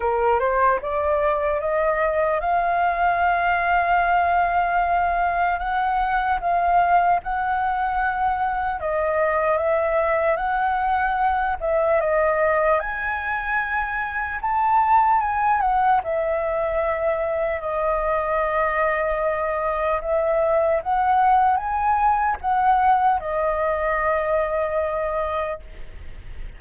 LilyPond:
\new Staff \with { instrumentName = "flute" } { \time 4/4 \tempo 4 = 75 ais'8 c''8 d''4 dis''4 f''4~ | f''2. fis''4 | f''4 fis''2 dis''4 | e''4 fis''4. e''8 dis''4 |
gis''2 a''4 gis''8 fis''8 | e''2 dis''2~ | dis''4 e''4 fis''4 gis''4 | fis''4 dis''2. | }